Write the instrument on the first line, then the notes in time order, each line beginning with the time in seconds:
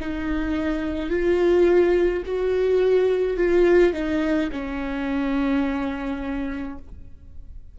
viola
0.00 D#4
1.09 F4
2.25 F#4
3.37 F4
3.93 D#4
4.51 C#4